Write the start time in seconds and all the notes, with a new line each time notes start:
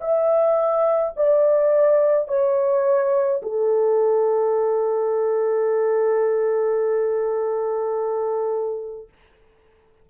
0.00 E5
1.16 D5
2.27 C#5
3.42 A4